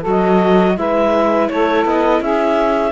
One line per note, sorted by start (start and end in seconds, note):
0.00 0.77 F#3
0.00 0.77 F#4
0.00 0.72 A4
0.09 0.78 D#5
0.77 1.49 G#3
0.77 2.91 E4
0.77 1.50 B4
0.77 1.49 E5
1.49 1.84 A3
1.49 2.22 A4
1.49 1.85 C#5
1.84 2.20 B3
1.84 2.21 D#5
2.20 2.91 C#4
2.20 2.91 G#4
2.20 2.91 E5